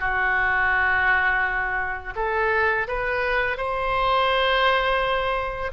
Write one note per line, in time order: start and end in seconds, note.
0.00 2.14 F#4
2.16 2.88 A4
2.88 3.58 B4
3.58 5.72 C5